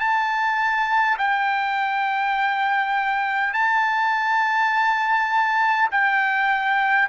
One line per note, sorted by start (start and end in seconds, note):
0.00 1.18 A5
1.18 3.53 G5
3.53 5.89 A5
5.91 7.09 G5